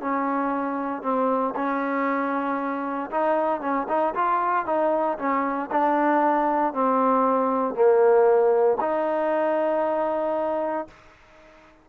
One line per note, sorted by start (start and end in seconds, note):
0.00 1.02 C#4
1.02 1.54 C4
1.55 3.10 C#4
3.10 3.61 D#4
3.61 3.87 C#4
3.88 4.14 D#4
4.14 4.66 F4
4.66 5.17 D#4
5.18 5.69 C#4
5.71 6.73 D4
6.73 7.74 C4
7.74 8.78 A#3
8.80 10.87 D#4